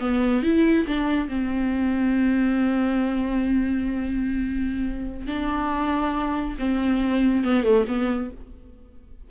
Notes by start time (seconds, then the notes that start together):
0.00 B3
0.43 E4
0.87 D4
1.29 C4
5.27 D4
6.59 C4
7.44 B3
7.64 A3
7.88 B3